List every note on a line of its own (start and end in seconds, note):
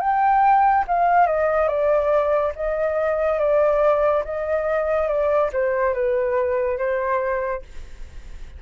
0.00 0.85 G5
0.88 1.27 F5
1.27 1.68 D#5
1.68 2.52 D5
2.55 3.39 D#5
3.39 4.24 D5
4.24 5.08 D#5
5.08 5.50 D5
5.53 5.94 C5
5.94 6.78 B4
6.78 7.62 C5